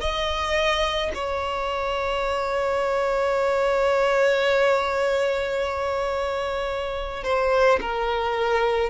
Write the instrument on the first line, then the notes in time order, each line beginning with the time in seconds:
violin
0.00 D#5
1.14 C#5
7.24 C5
7.80 A#4